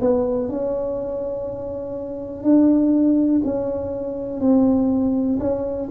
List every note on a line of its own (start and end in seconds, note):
0.00 0.49 B3
0.49 2.43 C#4
2.43 3.41 D4
3.44 4.40 C#4
4.40 5.38 C4
5.39 5.88 C#4